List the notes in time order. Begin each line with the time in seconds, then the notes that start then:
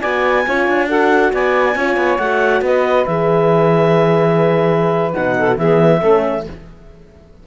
0.00 B3 F#4 D5 G#5
0.46 C#4 F4 C#5
0.67 D4
0.88 F#4 A4 F#5
1.33 B3 D5 G#5
1.75 C#4 F4 C#5
1.96 B3
2.18 A3 F#4 F#5
2.61 B3 B4 D#5
3.05 E3 G#4 E5
5.12 B2 D#4 F#5
5.38 A4
5.58 E3 B3 G#4 E5
5.98 A3 C#4 A4